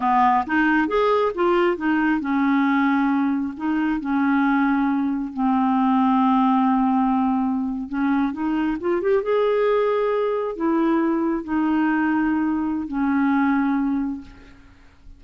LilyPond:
\new Staff \with { instrumentName = "clarinet" } { \time 4/4 \tempo 4 = 135 b4 dis'4 gis'4 f'4 | dis'4 cis'2. | dis'4 cis'2. | c'1~ |
c'4.~ c'16 cis'4 dis'4 f'16~ | f'16 g'8 gis'2. e'16~ | e'4.~ e'16 dis'2~ dis'16~ | dis'4 cis'2. | }